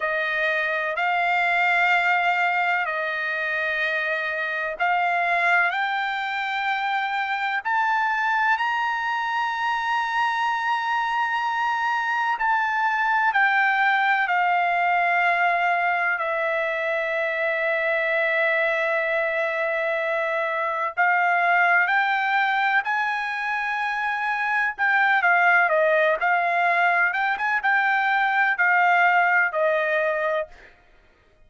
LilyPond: \new Staff \with { instrumentName = "trumpet" } { \time 4/4 \tempo 4 = 63 dis''4 f''2 dis''4~ | dis''4 f''4 g''2 | a''4 ais''2.~ | ais''4 a''4 g''4 f''4~ |
f''4 e''2.~ | e''2 f''4 g''4 | gis''2 g''8 f''8 dis''8 f''8~ | f''8 g''16 gis''16 g''4 f''4 dis''4 | }